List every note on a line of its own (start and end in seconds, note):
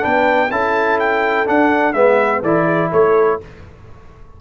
0.00 0.51 B3
0.00 0.48 D4
0.00 0.49 B4
0.00 0.51 G5
0.51 1.47 C#4
0.51 1.46 E4
0.51 1.95 A4
0.51 0.99 A5
0.99 1.47 G5
1.46 1.94 D4
1.46 1.93 D4
1.46 1.93 F#5
1.93 2.41 G#3
1.93 2.43 B3
1.93 2.42 B4
1.93 2.41 E5
2.42 2.91 E3
2.42 3.40 E4
2.42 2.64 A4
2.42 2.91 D5
2.64 2.88 G#4
2.92 3.40 A3
2.92 3.40 A4
2.92 3.40 C#5